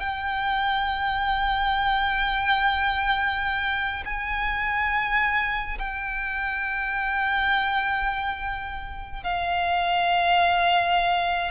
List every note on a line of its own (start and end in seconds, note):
0.00 4.04 G5
4.05 5.78 G#5
5.78 9.24 G5
9.24 11.51 F5